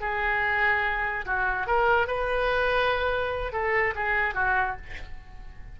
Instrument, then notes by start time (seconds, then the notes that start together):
oboe
0.00 G#4
1.25 F#4
1.66 A#4
2.07 B4
3.52 A4
3.95 G#4
4.34 F#4